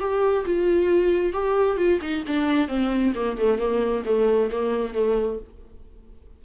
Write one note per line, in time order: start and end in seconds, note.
0.00 0.45 G4
0.46 1.33 F4
1.33 1.77 G4
1.77 2.00 F4
2.02 2.24 D#4
2.27 2.68 D4
2.68 3.13 C4
3.15 3.37 A#3
3.38 3.58 A3
3.58 4.04 A#3
4.05 4.51 A3
4.52 4.94 A#3
4.94 5.39 A3